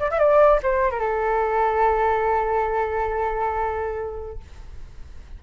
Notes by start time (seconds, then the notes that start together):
0.00 D5
0.11 E5
0.19 D5
0.63 C5
0.91 A#4
1.00 A4